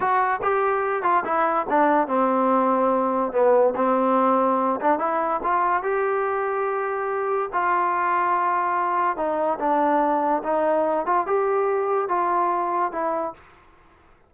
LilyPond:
\new Staff \with { instrumentName = "trombone" } { \time 4/4 \tempo 4 = 144 fis'4 g'4. f'8 e'4 | d'4 c'2. | b4 c'2~ c'8 d'8 | e'4 f'4 g'2~ |
g'2 f'2~ | f'2 dis'4 d'4~ | d'4 dis'4. f'8 g'4~ | g'4 f'2 e'4 | }